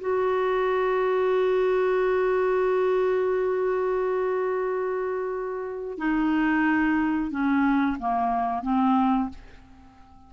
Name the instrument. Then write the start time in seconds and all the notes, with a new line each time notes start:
clarinet
0.00 F#4
5.98 D#4
7.30 C#4
7.99 A#3
8.62 C4